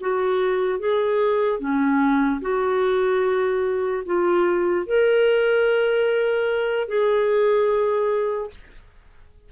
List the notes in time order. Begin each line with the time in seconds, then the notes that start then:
0.00 F#4
0.79 G#4
1.59 C#4
2.41 F#4
4.05 F4
4.86 A#4
6.87 G#4